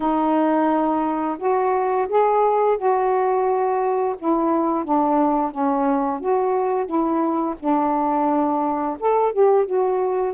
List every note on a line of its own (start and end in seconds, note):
0.00 1.37 D#4
1.38 2.07 F#4
2.08 2.77 G#4
2.77 4.15 F#4
4.18 4.84 E4
4.84 5.51 D4
5.51 6.19 C#4
6.19 6.86 F#4
6.86 7.55 E4
7.59 8.97 D4
8.99 9.32 A4
9.32 9.65 G4
9.65 10.34 F#4